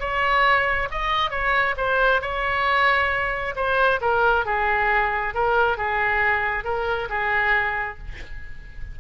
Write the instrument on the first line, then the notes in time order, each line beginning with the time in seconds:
oboe
0.00 C#5
0.91 D#5
1.31 C#5
1.77 C5
2.22 C#5
3.56 C5
4.01 A#4
4.46 G#4
5.35 A#4
5.78 G#4
6.64 A#4
7.10 G#4